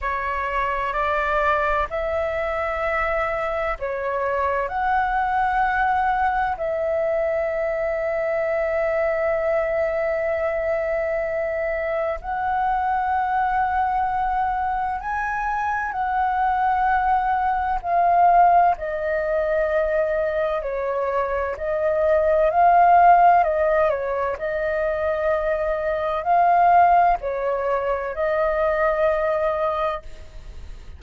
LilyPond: \new Staff \with { instrumentName = "flute" } { \time 4/4 \tempo 4 = 64 cis''4 d''4 e''2 | cis''4 fis''2 e''4~ | e''1~ | e''4 fis''2. |
gis''4 fis''2 f''4 | dis''2 cis''4 dis''4 | f''4 dis''8 cis''8 dis''2 | f''4 cis''4 dis''2 | }